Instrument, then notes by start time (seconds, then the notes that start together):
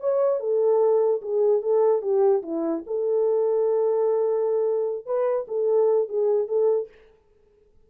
horn
0.00 C#5
0.39 A4
1.21 G#4
1.62 A4
2.01 G4
2.42 E4
2.86 A4
5.05 B4
5.47 A4
6.08 G#4
6.47 A4